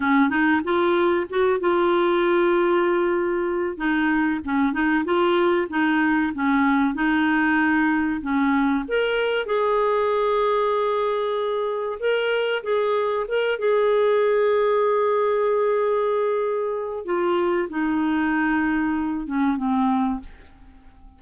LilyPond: \new Staff \with { instrumentName = "clarinet" } { \time 4/4 \tempo 4 = 95 cis'8 dis'8 f'4 fis'8 f'4.~ | f'2 dis'4 cis'8 dis'8 | f'4 dis'4 cis'4 dis'4~ | dis'4 cis'4 ais'4 gis'4~ |
gis'2. ais'4 | gis'4 ais'8 gis'2~ gis'8~ | gis'2. f'4 | dis'2~ dis'8 cis'8 c'4 | }